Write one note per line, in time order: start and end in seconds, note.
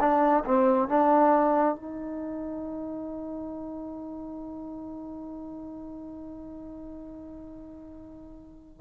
0.00 0.44 D4
0.45 0.89 C4
0.89 1.76 D4
1.76 8.81 D#4